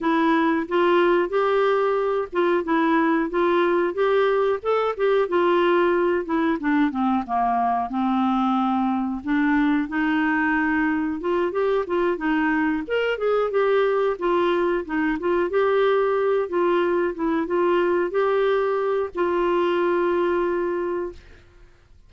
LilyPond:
\new Staff \with { instrumentName = "clarinet" } { \time 4/4 \tempo 4 = 91 e'4 f'4 g'4. f'8 | e'4 f'4 g'4 a'8 g'8 | f'4. e'8 d'8 c'8 ais4 | c'2 d'4 dis'4~ |
dis'4 f'8 g'8 f'8 dis'4 ais'8 | gis'8 g'4 f'4 dis'8 f'8 g'8~ | g'4 f'4 e'8 f'4 g'8~ | g'4 f'2. | }